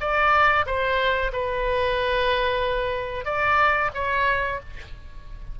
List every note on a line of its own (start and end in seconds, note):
0.00 0.65 D5
0.66 1.31 C5
1.32 3.25 B4
3.25 3.90 D5
3.94 4.59 C#5